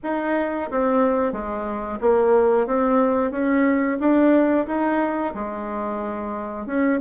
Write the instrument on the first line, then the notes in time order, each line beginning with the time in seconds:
bassoon
0.03 D#4
0.70 C4
1.32 G#3
2.01 A#3
2.66 C4
3.31 C#4
3.99 D4
4.66 D#4
5.34 G#3
6.66 C#4